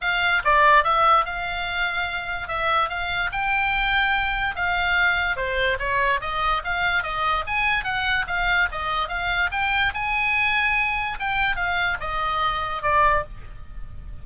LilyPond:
\new Staff \with { instrumentName = "oboe" } { \time 4/4 \tempo 4 = 145 f''4 d''4 e''4 f''4~ | f''2 e''4 f''4 | g''2. f''4~ | f''4 c''4 cis''4 dis''4 |
f''4 dis''4 gis''4 fis''4 | f''4 dis''4 f''4 g''4 | gis''2. g''4 | f''4 dis''2 d''4 | }